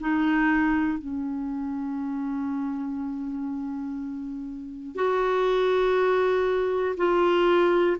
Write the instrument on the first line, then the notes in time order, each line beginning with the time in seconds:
clarinet
0.00 D#4
0.98 C#4
4.95 F#4
6.97 F4